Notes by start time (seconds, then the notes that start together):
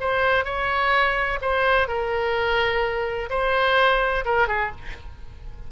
0.00 C5
0.44 C#5
1.42 C5
1.88 A#4
3.30 C5
4.25 A#4
4.48 G#4